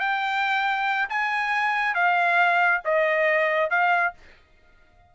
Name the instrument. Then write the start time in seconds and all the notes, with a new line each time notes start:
trumpet
0.00 G5
1.10 G#5
1.95 F5
2.85 D#5
3.70 F5